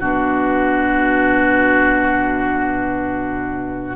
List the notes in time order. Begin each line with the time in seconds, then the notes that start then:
0.00 B2 D4 F#4 B4